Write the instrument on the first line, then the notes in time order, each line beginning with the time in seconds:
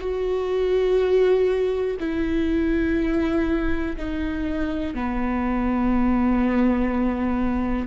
viola
0.00 F#4
2.00 E4
3.97 D#4
4.94 B3